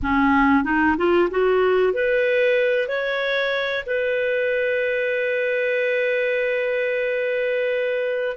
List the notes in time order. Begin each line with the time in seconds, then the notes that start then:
0.02 C#4
0.64 D#4
0.97 F4
1.30 F#4
1.93 B4
2.88 C#5
3.85 B4